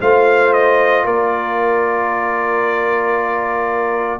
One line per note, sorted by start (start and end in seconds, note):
0.00 1.05 A3
0.00 4.20 F4
0.00 1.05 C5
0.00 0.53 F5
0.53 1.05 D#5
1.05 4.20 A#3
1.05 4.20 A#4
1.05 4.20 D5